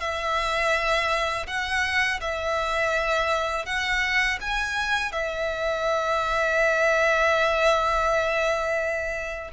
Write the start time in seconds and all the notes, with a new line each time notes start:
0.00 E5
1.47 F#5
2.21 E5
3.66 F#5
4.41 G#5
5.12 E5